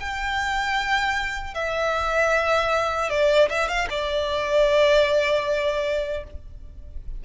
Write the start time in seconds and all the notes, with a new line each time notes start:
0.00 G5
1.55 E5
3.10 D5
3.50 E5
3.69 F5
3.90 D5